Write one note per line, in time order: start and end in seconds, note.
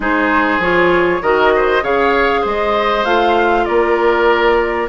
0.00 0.58 G#3
0.00 0.60 D#4
0.00 1.22 G#4
0.00 0.62 C5
0.59 1.20 F3
0.59 1.21 F4
0.59 1.22 C#5
1.22 1.82 D#3
1.22 1.82 F#4
1.22 1.53 A#4
1.22 1.84 D#5
1.56 1.83 C5
1.82 2.43 C#3
1.82 3.04 G#4
1.82 2.41 C#5
1.82 2.45 F5
2.41 3.04 G#3
2.41 3.63 C5
2.41 3.04 D#5
3.04 3.65 A3
3.04 4.88 F4
3.04 3.65 F5
3.65 4.88 A#3
3.65 4.88 A#4
3.65 4.87 D5